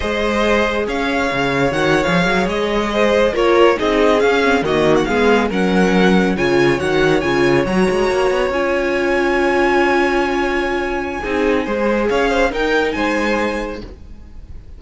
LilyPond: <<
  \new Staff \with { instrumentName = "violin" } { \time 4/4 \tempo 4 = 139 dis''2 f''2 | fis''8. f''4 dis''2 cis''16~ | cis''8. dis''4 f''4 dis''8. fis''16 f''16~ | f''8. fis''2 gis''4 fis''16~ |
fis''8. gis''4 ais''2 gis''16~ | gis''1~ | gis''1 | f''4 g''4 gis''2 | }
  \new Staff \with { instrumentName = "violin" } { \time 4/4 c''2 cis''2~ | cis''2~ cis''8. c''4 ais'16~ | ais'8. gis'2 fis'4 gis'16~ | gis'8. ais'2 cis''4~ cis''16~ |
cis''1~ | cis''1~ | cis''2 gis'4 c''4 | cis''8 c''8 ais'4 c''2 | }
  \new Staff \with { instrumentName = "viola" } { \time 4/4 gis'1 | fis'8. gis'2. f'16~ | f'8. dis'4 cis'8 c'8 ais4 b16~ | b8. cis'2 f'4 fis'16~ |
fis'8. f'4 fis'2 f'16~ | f'1~ | f'2 dis'4 gis'4~ | gis'4 dis'2. | }
  \new Staff \with { instrumentName = "cello" } { \time 4/4 gis2 cis'4 cis4 | dis8. f8 fis8 gis2 ais16~ | ais8. c'4 cis'4 dis4 gis16~ | gis8. fis2 cis4 dis16~ |
dis8. cis4 fis8 gis8 ais8 b8 cis'16~ | cis'1~ | cis'2 c'4 gis4 | cis'4 dis'4 gis2 | }
>>